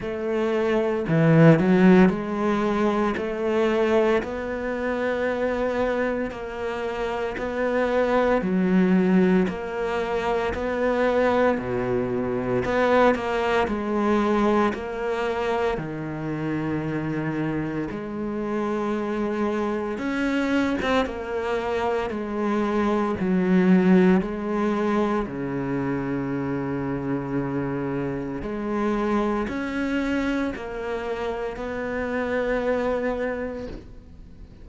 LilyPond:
\new Staff \with { instrumentName = "cello" } { \time 4/4 \tempo 4 = 57 a4 e8 fis8 gis4 a4 | b2 ais4 b4 | fis4 ais4 b4 b,4 | b8 ais8 gis4 ais4 dis4~ |
dis4 gis2 cis'8. c'16 | ais4 gis4 fis4 gis4 | cis2. gis4 | cis'4 ais4 b2 | }